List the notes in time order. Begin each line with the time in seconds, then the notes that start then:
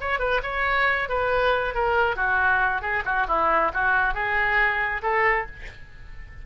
0.00 C#5
0.19 B4
0.43 C#5
1.08 B4
1.74 A#4
2.16 F#4
2.81 G#4
3.05 F#4
3.27 E4
3.73 F#4
4.13 G#4
5.02 A4